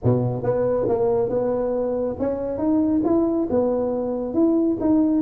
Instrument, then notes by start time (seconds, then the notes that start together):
tuba
0.03 B2
0.43 B3
0.88 A#3
1.29 B3
2.19 C#4
2.58 D#4
3.04 E4
3.50 B3
4.34 E4
4.80 D#4